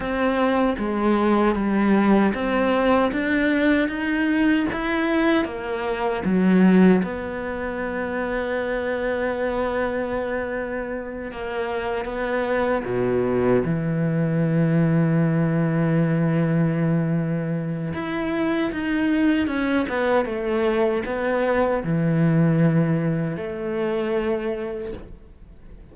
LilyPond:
\new Staff \with { instrumentName = "cello" } { \time 4/4 \tempo 4 = 77 c'4 gis4 g4 c'4 | d'4 dis'4 e'4 ais4 | fis4 b2.~ | b2~ b8 ais4 b8~ |
b8 b,4 e2~ e8~ | e2. e'4 | dis'4 cis'8 b8 a4 b4 | e2 a2 | }